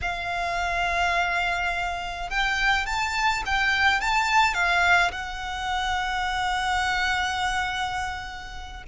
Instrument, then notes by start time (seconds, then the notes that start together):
violin
0.01 F5
2.29 G5
2.86 A5
3.45 G5
4.00 A5
4.54 F5
5.11 F#5